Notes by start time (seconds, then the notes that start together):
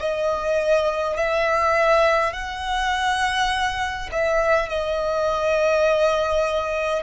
0.00 D#5
1.17 E5
2.33 F#5
4.12 E5
4.69 D#5